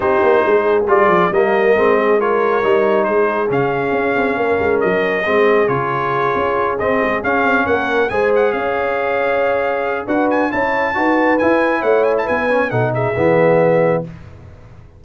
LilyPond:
<<
  \new Staff \with { instrumentName = "trumpet" } { \time 4/4 \tempo 4 = 137 c''2 d''4 dis''4~ | dis''4 cis''2 c''4 | f''2. dis''4~ | dis''4 cis''2~ cis''8 dis''8~ |
dis''8 f''4 fis''4 gis''8 fis''8 f''8~ | f''2. fis''8 gis''8 | a''2 gis''4 fis''8 gis''16 a''16 | gis''4 fis''8 e''2~ e''8 | }
  \new Staff \with { instrumentName = "horn" } { \time 4/4 g'4 gis'2 ais'4~ | ais'8 gis'8 ais'2 gis'4~ | gis'2 ais'2 | gis'1~ |
gis'4. ais'4 c''4 cis''8~ | cis''2. b'4 | cis''4 b'2 cis''4 | b'4 a'8 gis'2~ gis'8 | }
  \new Staff \with { instrumentName = "trombone" } { \time 4/4 dis'2 f'4 ais4 | c'4 f'4 dis'2 | cis'1 | c'4 f'2~ f'8 c'8~ |
c'8 cis'2 gis'4.~ | gis'2. fis'4 | e'4 fis'4 e'2~ | e'8 cis'8 dis'4 b2 | }
  \new Staff \with { instrumentName = "tuba" } { \time 4/4 c'8 ais8 gis4 g8 f8 g4 | gis2 g4 gis4 | cis4 cis'8 c'8 ais8 gis8 fis4 | gis4 cis4. cis'4 c'8 |
gis8 cis'8 c'8 ais4 gis4 cis'8~ | cis'2. d'4 | cis'4 dis'4 e'4 a4 | b4 b,4 e2 | }
>>